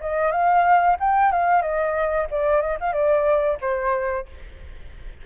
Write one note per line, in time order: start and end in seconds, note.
0.00 0.31 D#5
0.31 0.96 F5
0.99 1.32 G5
1.32 1.62 F5
1.62 2.26 D#5
2.30 2.61 D5
2.61 2.77 D#5
2.80 2.92 F5
2.92 3.57 D5
3.60 4.26 C5